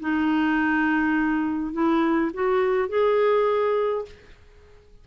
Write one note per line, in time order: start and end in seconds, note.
0.00 1.73 D#4
1.73 2.31 E4
2.34 2.89 F#4
2.89 4.05 G#4